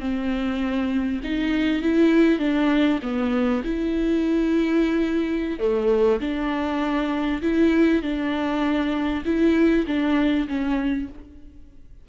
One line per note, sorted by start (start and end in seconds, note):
0.00 1.21 C4
1.24 1.82 D#4
1.82 2.39 E4
2.39 3.00 D4
3.02 3.63 B3
3.64 5.59 E4
5.59 6.20 A3
6.21 7.42 D4
7.42 8.02 E4
8.02 9.24 D4
9.25 9.86 E4
9.87 10.47 D4
10.48 11.09 C#4